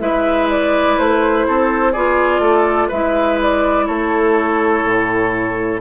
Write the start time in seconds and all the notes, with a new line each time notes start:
0.00 G#3 E4 B4 E5
0.50 D5
0.98 A3 C5
1.47 C4 A4
1.93 B3 F4 G#4 D5
2.39 A3 A4
2.88 G#3 E4 B4 E5
3.42 D5
3.87 A3 A4 C#5
4.84 A2